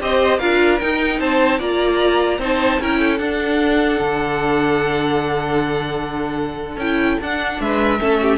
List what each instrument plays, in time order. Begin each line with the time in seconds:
0.00 cello C4, viola G4, violin C5 D#5
0.39 cello D4, viola F4, violin A#4 F5
0.80 viola D#4, cello D#4, violin G5
1.19 cello C4, violin C5 A5
1.59 cello A#3, viola F4, violin D5 A#5
2.38 cello C4, viola D#4, violin C5 A5
2.80 cello C#4, viola E4, violin A#4 G5
3.00 violin A4
3.18 viola D4, cello D4, violin F#5
4.00 cello D3
6.77 cello C#4, viola E4, violin G5
7.21 cello D4, viola D4, violin F#5
7.60 cello G#3, violin B4 E5
8.00 cello A3, viola C#4, violin A4
8.22 violin G4